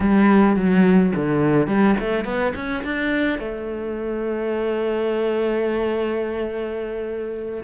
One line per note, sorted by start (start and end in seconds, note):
0.00 0.56 G3
0.56 1.12 F#3
1.15 1.67 D3
1.67 1.95 G3
1.99 2.24 A3
2.24 2.53 B3
2.55 2.83 C#4
2.84 3.39 D4
3.39 7.63 A3